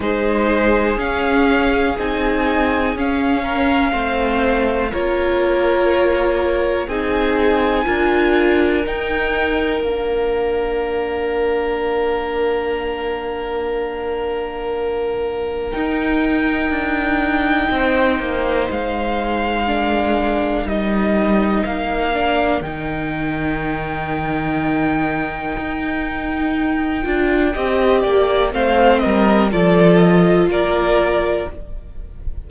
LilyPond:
<<
  \new Staff \with { instrumentName = "violin" } { \time 4/4 \tempo 4 = 61 c''4 f''4 gis''4 f''4~ | f''4 cis''2 gis''4~ | gis''4 g''4 f''2~ | f''1 |
g''2. f''4~ | f''4 dis''4 f''4 g''4~ | g''1~ | g''4 f''8 dis''8 d''8 dis''8 d''4 | }
  \new Staff \with { instrumentName = "violin" } { \time 4/4 gis'2.~ gis'8 ais'8 | c''4 ais'2 gis'4 | ais'1~ | ais'1~ |
ais'2 c''2 | ais'1~ | ais'1 | dis''8 d''8 c''8 ais'8 a'4 ais'4 | }
  \new Staff \with { instrumentName = "viola" } { \time 4/4 dis'4 cis'4 dis'4 cis'4 | c'4 f'2 dis'4 | f'4 dis'4 d'2~ | d'1 |
dis'1 | d'4 dis'4. d'8 dis'4~ | dis'2.~ dis'8 f'8 | g'4 c'4 f'2 | }
  \new Staff \with { instrumentName = "cello" } { \time 4/4 gis4 cis'4 c'4 cis'4 | a4 ais2 c'4 | d'4 dis'4 ais2~ | ais1 |
dis'4 d'4 c'8 ais8 gis4~ | gis4 g4 ais4 dis4~ | dis2 dis'4. d'8 | c'8 ais8 a8 g8 f4 ais4 | }
>>